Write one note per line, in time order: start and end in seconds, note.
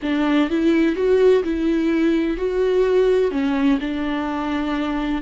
0.02 0.49 D4
0.49 0.95 E4
0.95 1.43 F#4
1.43 2.37 E4
2.37 3.31 F#4
3.31 3.79 C#4
3.80 5.22 D4